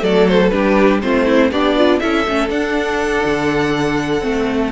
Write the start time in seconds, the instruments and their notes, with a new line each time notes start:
0.00 cello F#3, viola A3, violin A4 D5
0.28 violin C5
0.49 cello G3, viola D4, violin G4 B4
1.02 cello A3, viola C4, violin F4 C5
1.25 violin E4
1.51 cello B3, violin D4 D5, viola G4
1.77 viola F4
1.99 cello C#4, viola E4, violin A4 E5
2.28 cello A3, viola C#4
2.49 viola D4, cello D4, violin F#5
3.24 cello D3
4.21 cello A3, viola C4